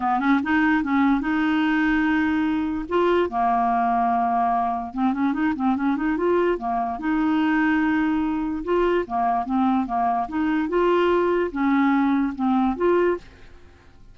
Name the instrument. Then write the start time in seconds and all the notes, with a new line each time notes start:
clarinet
0.00 B3
0.19 C#4
0.43 D#4
0.83 C#4
1.20 D#4
2.88 F4
3.29 A#3
4.93 C4
5.13 C#4
5.33 D#4
5.55 C4
5.76 C#4
5.96 D#4
6.17 F4
6.58 A#3
6.99 D#4
8.64 F4
9.07 A#3
9.45 C4
9.86 A#3
10.28 D#4
10.68 F4
11.51 C#4
12.35 C4
12.76 F4